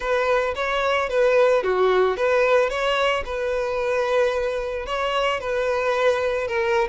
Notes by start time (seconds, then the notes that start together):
0.00 B4
0.55 C#5
1.09 B4
1.63 F#4
2.16 B4
2.69 C#5
3.25 B4
4.86 C#5
5.40 B4
6.47 A#4